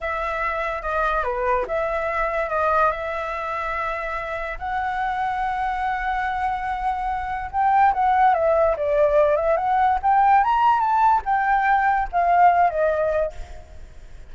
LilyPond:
\new Staff \with { instrumentName = "flute" } { \time 4/4 \tempo 4 = 144 e''2 dis''4 b'4 | e''2 dis''4 e''4~ | e''2. fis''4~ | fis''1~ |
fis''2 g''4 fis''4 | e''4 d''4. e''8 fis''4 | g''4 ais''4 a''4 g''4~ | g''4 f''4. dis''4. | }